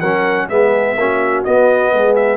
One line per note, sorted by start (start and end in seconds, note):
0.00 0.48 F#3
0.00 0.49 C#4
0.00 0.47 A#4
0.00 0.47 F#5
0.49 0.96 G#3
0.49 0.97 B3
0.49 0.99 G#4
0.49 1.43 E5
0.96 1.44 A#3
0.96 1.46 C#4
0.96 1.92 F#4
1.44 2.36 B3
1.44 1.92 B3
1.44 2.15 D#5
1.92 2.36 G#3
1.92 2.36 G#4
2.15 2.36 E5